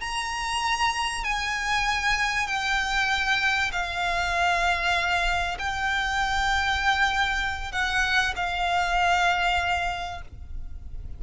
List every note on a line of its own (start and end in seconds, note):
0.00 1.24 A#5
1.24 2.47 G#5
2.47 3.71 G5
3.72 5.57 F5
5.58 7.72 G5
7.72 8.34 F#5
8.36 10.21 F5